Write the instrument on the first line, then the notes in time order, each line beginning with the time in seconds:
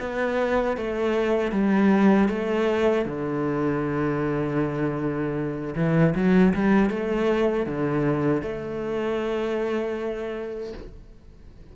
cello
0.00 B3
0.77 A3
1.52 G3
2.29 A3
3.06 D3
5.76 E3
6.15 F#3
6.53 G3
6.90 A3
7.66 D3
8.42 A3